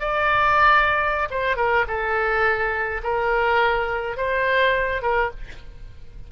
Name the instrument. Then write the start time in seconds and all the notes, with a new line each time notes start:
oboe
0.00 D5
1.31 C5
1.57 A#4
1.88 A4
3.03 A#4
4.17 C5
5.02 A#4